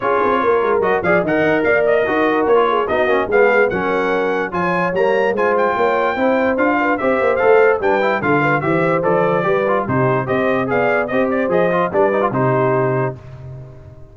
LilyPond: <<
  \new Staff \with { instrumentName = "trumpet" } { \time 4/4 \tempo 4 = 146 cis''2 dis''8 f''8 fis''4 | f''8 dis''4. cis''4 dis''4 | f''4 fis''2 gis''4 | ais''4 gis''8 g''2~ g''8 |
f''4 e''4 f''4 g''4 | f''4 e''4 d''2 | c''4 dis''4 f''4 dis''8 d''8 | dis''4 d''4 c''2 | }
  \new Staff \with { instrumentName = "horn" } { \time 4/4 gis'4 ais'4. d''8 dis''4 | d''4 ais'4. gis'8 fis'4 | gis'4 ais'2 cis''4~ | cis''4 c''4 cis''4 c''4~ |
c''8 b'8 c''2 b'4 | a'8 b'8 c''2 b'4 | g'4 c''4 d''4 c''4~ | c''4 b'4 g'2 | }
  \new Staff \with { instrumentName = "trombone" } { \time 4/4 f'2 fis'8 gis'8 ais'4~ | ais'4 fis'4~ fis'16 f'8. dis'8 cis'8 | b4 cis'2 f'4 | ais4 f'2 e'4 |
f'4 g'4 a'4 d'8 e'8 | f'4 g'4 a'4 g'8 f'8 | dis'4 g'4 gis'4 g'4 | gis'8 f'8 d'8 dis'16 f'16 dis'2 | }
  \new Staff \with { instrumentName = "tuba" } { \time 4/4 cis'8 c'8 ais8 gis8 fis8 f8 dis8 dis'8 | ais4 dis'4 ais4 b8 ais8 | gis4 fis2 f4 | g4 gis4 ais4 c'4 |
d'4 c'8 ais8 a4 g4 | d4 e4 f4 g4 | c4 c'4 b4 c'4 | f4 g4 c2 | }
>>